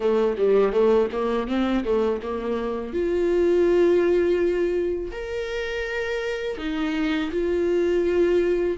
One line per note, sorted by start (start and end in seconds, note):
0.00 0.36 A3
0.37 0.72 G3
0.72 1.08 A3
1.11 1.47 A#3
1.47 1.84 C4
1.84 2.21 A3
2.22 2.93 A#3
2.93 5.11 F4
5.11 6.57 A#4
6.57 7.30 D#4
7.31 8.77 F4